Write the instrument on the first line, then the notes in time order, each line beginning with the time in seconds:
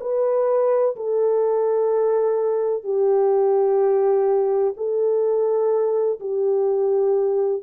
horn
0.00 B4
0.96 A4
2.83 G4
4.76 A4
6.19 G4